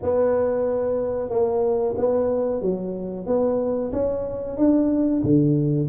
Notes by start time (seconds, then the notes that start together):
0.02 B3
1.29 A#3
1.97 B3
2.61 F#3
3.26 B3
3.92 C#4
4.57 D4
5.23 D3